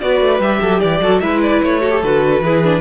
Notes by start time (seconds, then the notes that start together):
0.00 B3 F#4 B4 D5
0.21 A3
0.39 G3 G4 E5
0.61 F#3 A4
0.80 E3 G4 D5
1.01 F#3 F#4 A4
1.19 G#3 E4 B4 E5
1.42 D5
1.63 A3 C#5
1.81 F#4 A4
1.91 G4
2.03 D3 F#4 B4
2.40 E3 E4 G#4
2.64 D4